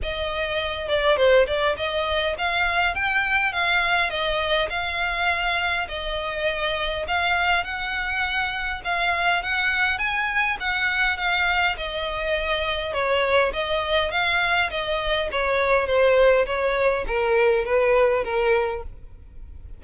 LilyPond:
\new Staff \with { instrumentName = "violin" } { \time 4/4 \tempo 4 = 102 dis''4. d''8 c''8 d''8 dis''4 | f''4 g''4 f''4 dis''4 | f''2 dis''2 | f''4 fis''2 f''4 |
fis''4 gis''4 fis''4 f''4 | dis''2 cis''4 dis''4 | f''4 dis''4 cis''4 c''4 | cis''4 ais'4 b'4 ais'4 | }